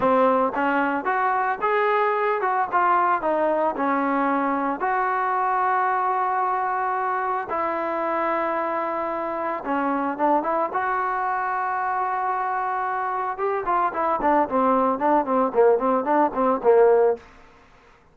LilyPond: \new Staff \with { instrumentName = "trombone" } { \time 4/4 \tempo 4 = 112 c'4 cis'4 fis'4 gis'4~ | gis'8 fis'8 f'4 dis'4 cis'4~ | cis'4 fis'2.~ | fis'2 e'2~ |
e'2 cis'4 d'8 e'8 | fis'1~ | fis'4 g'8 f'8 e'8 d'8 c'4 | d'8 c'8 ais8 c'8 d'8 c'8 ais4 | }